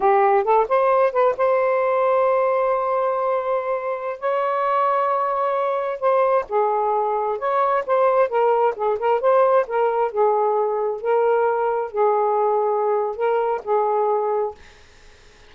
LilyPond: \new Staff \with { instrumentName = "saxophone" } { \time 4/4 \tempo 4 = 132 g'4 a'8 c''4 b'8 c''4~ | c''1~ | c''4~ c''16 cis''2~ cis''8.~ | cis''4~ cis''16 c''4 gis'4.~ gis'16~ |
gis'16 cis''4 c''4 ais'4 gis'8 ais'16~ | ais'16 c''4 ais'4 gis'4.~ gis'16~ | gis'16 ais'2 gis'4.~ gis'16~ | gis'4 ais'4 gis'2 | }